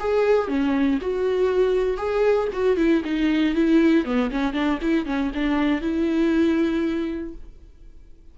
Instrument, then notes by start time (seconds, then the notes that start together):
viola
0.00 G#4
0.48 C#4
1.01 F#4
1.98 G#4
2.53 F#4
2.77 E4
3.05 D#4
3.55 E4
4.05 B3
4.31 C#4
4.54 D4
4.82 E4
5.06 C#4
5.35 D4
5.82 E4